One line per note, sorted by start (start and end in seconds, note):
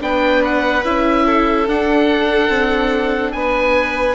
0.00 0.84 B3
0.00 0.83 D4
0.00 1.26 B4
0.00 0.43 G5
0.44 0.85 F#5
0.84 1.67 C#4
0.84 1.67 E4
0.84 1.68 E5
1.26 3.34 A4
1.67 2.49 D4
1.67 4.15 D4
1.67 3.32 F#5
2.49 3.32 C4
3.32 4.15 B3
3.32 4.15 B4
3.32 4.15 G#5